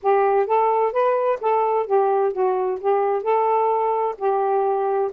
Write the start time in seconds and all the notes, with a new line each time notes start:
0.02 G4
0.46 A4
0.92 B4
1.40 A4
1.86 G4
2.33 F#4
2.80 G4
3.22 A4
4.18 G4